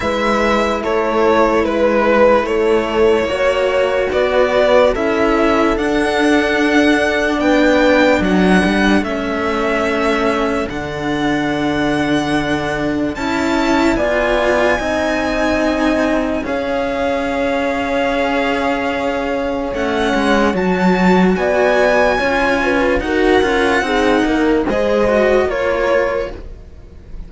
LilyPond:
<<
  \new Staff \with { instrumentName = "violin" } { \time 4/4 \tempo 4 = 73 e''4 cis''4 b'4 cis''4~ | cis''4 d''4 e''4 fis''4~ | fis''4 g''4 fis''4 e''4~ | e''4 fis''2. |
a''4 gis''2. | f''1 | fis''4 a''4 gis''2 | fis''2 dis''4 cis''4 | }
  \new Staff \with { instrumentName = "horn" } { \time 4/4 b'4 a'4 b'4 a'4 | cis''4 b'4 a'2~ | a'4 b'4 a'2~ | a'1~ |
a'4 d''4 dis''2 | cis''1~ | cis''2 d''4 cis''8 b'8 | ais'4 gis'8 ais'8 c''4 ais'4 | }
  \new Staff \with { instrumentName = "cello" } { \time 4/4 e'1 | fis'2 e'4 d'4~ | d'2. cis'4~ | cis'4 d'2. |
e'4 f'4 dis'2 | gis'1 | cis'4 fis'2 f'4 | fis'8 f'8 dis'4 gis'8 fis'8 f'4 | }
  \new Staff \with { instrumentName = "cello" } { \time 4/4 gis4 a4 gis4 a4 | ais4 b4 cis'4 d'4~ | d'4 b4 fis8 g8 a4~ | a4 d2. |
cis'4 b4 c'2 | cis'1 | a8 gis8 fis4 b4 cis'4 | dis'8 cis'8 c'8 ais8 gis4 ais4 | }
>>